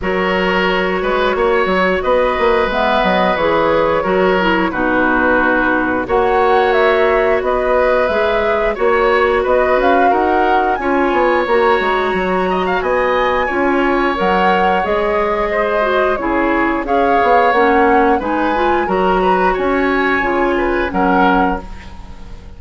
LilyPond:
<<
  \new Staff \with { instrumentName = "flute" } { \time 4/4 \tempo 4 = 89 cis''2. dis''4 | e''8 dis''8 cis''2 b'4~ | b'4 fis''4 e''4 dis''4 | e''4 cis''4 dis''8 f''8 fis''4 |
gis''4 ais''2 gis''4~ | gis''4 fis''4 dis''2 | cis''4 f''4 fis''4 gis''4 | ais''4 gis''2 fis''4 | }
  \new Staff \with { instrumentName = "oboe" } { \time 4/4 ais'4. b'8 cis''4 b'4~ | b'2 ais'4 fis'4~ | fis'4 cis''2 b'4~ | b'4 cis''4 b'4 ais'4 |
cis''2~ cis''8 dis''16 f''16 dis''4 | cis''2. c''4 | gis'4 cis''2 b'4 | ais'8 b'8 cis''4. b'8 ais'4 | }
  \new Staff \with { instrumentName = "clarinet" } { \time 4/4 fis'1 | b4 gis'4 fis'8 e'8 dis'4~ | dis'4 fis'2. | gis'4 fis'2. |
f'4 fis'2. | f'4 ais'4 gis'4. fis'8 | e'4 gis'4 cis'4 dis'8 f'8 | fis'2 f'4 cis'4 | }
  \new Staff \with { instrumentName = "bassoon" } { \time 4/4 fis4. gis8 ais8 fis8 b8 ais8 | gis8 fis8 e4 fis4 b,4~ | b,4 ais2 b4 | gis4 ais4 b8 cis'8 dis'4 |
cis'8 b8 ais8 gis8 fis4 b4 | cis'4 fis4 gis2 | cis4 cis'8 b8 ais4 gis4 | fis4 cis'4 cis4 fis4 | }
>>